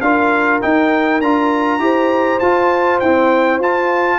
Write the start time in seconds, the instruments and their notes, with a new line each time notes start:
0.00 tuba D4, trombone F4, horn A#4, trumpet F5
0.61 trombone D#4, tuba D#4, trumpet G5
1.21 tuba D4, trombone F4, trumpet A#5
1.79 tuba E4, trombone G4, horn C5
2.39 tuba F4, trombone F4, trumpet A5
2.99 trombone C4, tuba E4, trumpet G5
3.59 tuba F4, trombone F4, trumpet A5